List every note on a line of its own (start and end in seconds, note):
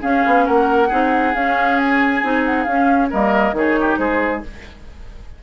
0.00 0.88 C#4
0.00 0.24 C#4
0.00 0.44 G#4
0.00 0.46 F5
0.26 0.48 B3
0.45 0.91 A#3
0.45 0.88 A#4
0.45 1.34 F#5
0.88 1.34 C4
0.88 1.34 D#4
0.88 3.08 G#4
1.34 2.22 C#4
1.34 1.78 F5
1.78 2.44 G#5
2.22 2.66 C4
2.22 2.66 D#4
2.45 2.63 F#5
2.63 3.10 C#4
2.63 3.11 C#4
2.63 3.07 F5
3.10 3.52 G3
3.10 3.54 A#3
3.10 3.54 A#4
3.10 3.56 D#5
3.52 3.96 D#3
3.52 4.43 D#4
3.52 3.79 G#4
3.52 3.97 C#5
3.80 3.98 G4
3.97 4.42 G#3
3.97 4.43 G#4
3.97 4.41 C5